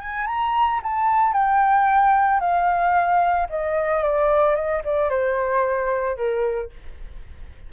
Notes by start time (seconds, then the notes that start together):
0.00 G#5
0.27 A#5
0.83 A5
1.33 G5
2.40 F5
3.50 D#5
4.03 D5
4.55 D#5
4.85 D5
5.10 C5
6.17 A#4